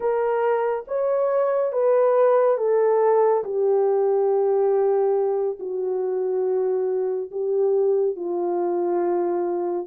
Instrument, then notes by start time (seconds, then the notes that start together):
horn
0.00 A#4
0.87 C#5
1.72 B4
2.57 A4
3.44 G4
5.59 F#4
7.31 G4
8.15 F4